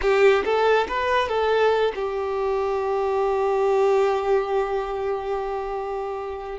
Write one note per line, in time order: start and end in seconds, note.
0.01 0.44 G4
0.44 0.87 A4
0.87 1.28 B4
1.28 1.92 A4
1.95 6.58 G4